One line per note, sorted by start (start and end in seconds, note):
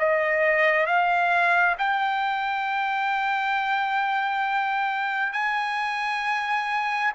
0.00 0.87 D#5
0.87 1.76 F5
1.79 5.33 G5
5.33 7.12 G#5